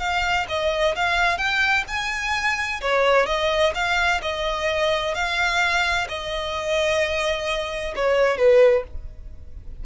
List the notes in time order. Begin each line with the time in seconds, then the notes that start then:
0.00 F5
0.49 D#5
0.96 F5
1.38 G5
1.88 G#5
2.82 C#5
3.27 D#5
3.75 F5
4.22 D#5
5.15 F5
6.09 D#5
7.96 C#5
8.38 B4